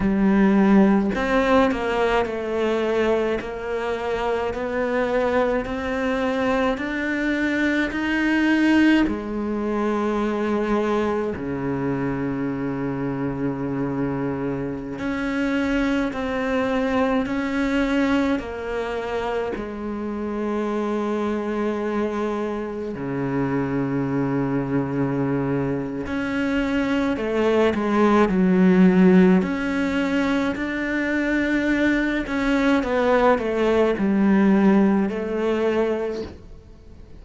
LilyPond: \new Staff \with { instrumentName = "cello" } { \time 4/4 \tempo 4 = 53 g4 c'8 ais8 a4 ais4 | b4 c'4 d'4 dis'4 | gis2 cis2~ | cis4~ cis16 cis'4 c'4 cis'8.~ |
cis'16 ais4 gis2~ gis8.~ | gis16 cis2~ cis8. cis'4 | a8 gis8 fis4 cis'4 d'4~ | d'8 cis'8 b8 a8 g4 a4 | }